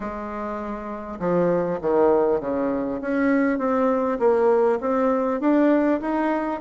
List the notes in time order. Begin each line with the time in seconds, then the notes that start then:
0.00 G#3
1.19 F3
1.81 D#3
2.40 C#3
3.01 C#4
3.58 C4
4.19 A#3
4.80 C4
5.40 D4
6.01 D#4